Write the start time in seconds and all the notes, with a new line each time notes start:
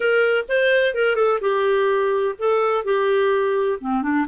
0.00 A#4
0.48 C5
0.94 A#4
1.15 A4
1.40 G4
2.38 A4
2.84 G4
3.80 C4
4.02 D4